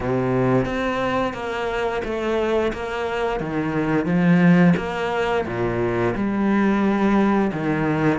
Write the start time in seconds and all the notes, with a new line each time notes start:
0.00 C3
0.65 C4
1.33 A#3
2.04 A3
2.72 A#3
3.39 D#3
4.05 F3
4.76 A#3
5.46 A#2
6.15 G3
7.52 D#3